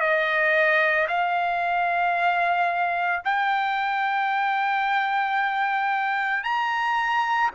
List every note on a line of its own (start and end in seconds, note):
0.00 1.07 D#5
1.08 3.22 F5
3.24 6.43 G5
6.43 7.50 A#5